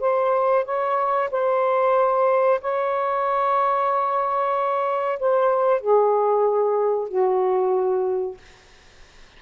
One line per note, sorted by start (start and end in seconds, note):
0.00 0.65 C5
0.65 1.29 C#5
1.31 2.60 C5
2.61 5.19 C#5
5.19 5.80 C5
5.80 7.08 G#4
7.08 8.37 F#4